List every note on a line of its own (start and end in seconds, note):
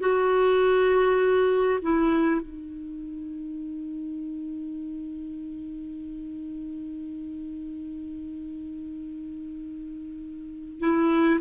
0.00 1.80 F#4
1.82 2.41 E4
2.41 10.80 D#4
10.80 11.40 E4